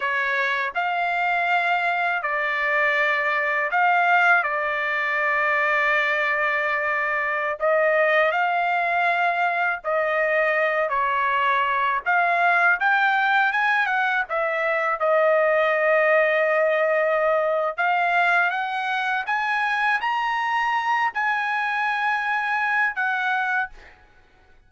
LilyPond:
\new Staff \with { instrumentName = "trumpet" } { \time 4/4 \tempo 4 = 81 cis''4 f''2 d''4~ | d''4 f''4 d''2~ | d''2~ d''16 dis''4 f''8.~ | f''4~ f''16 dis''4. cis''4~ cis''16~ |
cis''16 f''4 g''4 gis''8 fis''8 e''8.~ | e''16 dis''2.~ dis''8. | f''4 fis''4 gis''4 ais''4~ | ais''8 gis''2~ gis''8 fis''4 | }